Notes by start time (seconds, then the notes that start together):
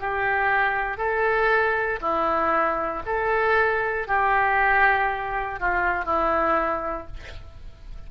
0.00 G4
0.98 A4
2.02 E4
3.06 A4
4.08 G4
5.60 F4
6.06 E4